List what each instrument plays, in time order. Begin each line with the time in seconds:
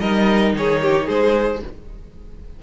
0.00 cello G3, viola D#4, violin A#4 D#5
0.54 cello D#3, violin G#4 C#5
0.82 violin G4
1.06 cello G#3, violin G#4 C5